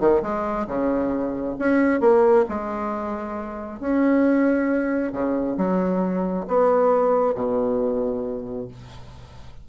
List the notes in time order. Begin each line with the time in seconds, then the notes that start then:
0.00 D#3
0.23 G#3
0.67 C#3
1.59 C#4
2.01 A#3
2.49 G#3
3.80 C#4
5.13 C#3
5.57 F#3
6.48 B3
7.35 B2